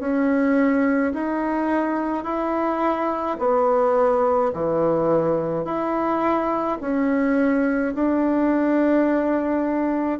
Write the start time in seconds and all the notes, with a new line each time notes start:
0.00 C#4
1.14 D#4
2.24 E4
3.40 B3
4.54 E3
5.65 E4
6.81 C#4
7.95 D4